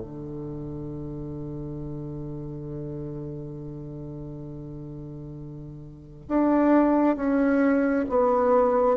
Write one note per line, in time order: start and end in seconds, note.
0.00 6.27 D3
6.28 7.16 D4
7.16 8.06 C#4
8.10 8.97 B3